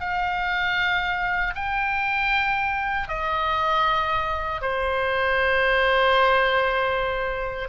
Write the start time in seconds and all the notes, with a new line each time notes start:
0.00 F5
1.55 G5
3.08 D#5
4.61 C5